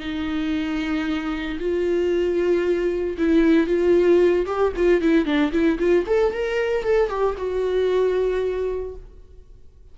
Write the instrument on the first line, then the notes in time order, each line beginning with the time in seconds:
viola
0.00 D#4
1.59 F4
3.18 E4
3.67 F4
4.46 G4
4.76 F4
5.01 E4
5.25 D4
5.52 E4
5.79 F4
6.07 A4
6.33 A#4
6.84 A4
7.09 G4
7.37 F#4